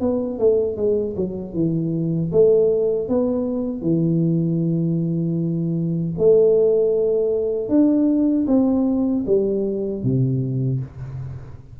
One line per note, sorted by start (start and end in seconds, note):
0.00 0.38 B3
0.38 0.76 A3
0.76 1.15 G#3
1.16 1.53 F#3
1.53 2.30 E3
2.32 3.08 A3
3.08 3.81 B3
3.81 6.12 E3
6.18 7.69 A3
7.69 8.45 D4
8.47 9.24 C4
9.26 10.03 G3
10.03 10.80 C3